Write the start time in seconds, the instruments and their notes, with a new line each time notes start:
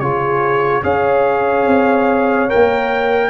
0.00 tuba C#3, trombone F4, horn G#4, trumpet C#5
0.83 tuba C#4, trombone G#4, horn C#5, trumpet F5
1.67 tuba C4
2.49 trombone A#4, trumpet G5
2.55 tuba A#3